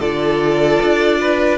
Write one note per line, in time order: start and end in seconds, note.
0.00 0.79 D3
0.00 1.58 F4
0.00 1.18 A4
0.00 1.58 D5
0.82 1.58 D4
1.21 1.58 B4